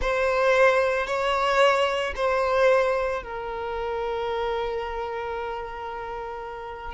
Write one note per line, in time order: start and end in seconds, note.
0.01 1.06 C5
1.06 2.13 C#5
2.15 3.22 C5
3.22 6.94 A#4